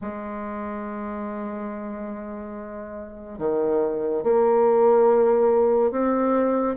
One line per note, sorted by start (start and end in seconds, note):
0.01 3.38 G#3
3.38 4.23 D#3
4.23 5.91 A#3
5.91 6.75 C4